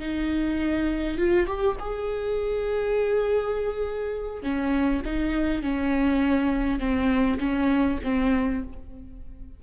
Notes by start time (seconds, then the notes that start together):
0.00 D#4
1.18 F4
1.47 G4
1.80 G#4
4.43 C#4
5.05 D#4
5.63 C#4
6.80 C4
7.40 C#4
8.04 C4